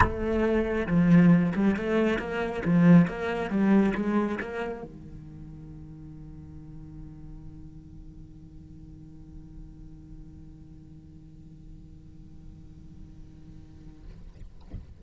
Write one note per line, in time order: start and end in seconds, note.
0.00 0.87 A3
0.87 1.52 F3
1.55 1.76 G3
1.76 2.18 A3
2.18 2.62 A#3
2.65 3.07 F3
3.07 3.50 A#3
3.50 3.93 G3
3.95 4.38 G#3
4.40 4.82 A#3
4.82 14.02 D#3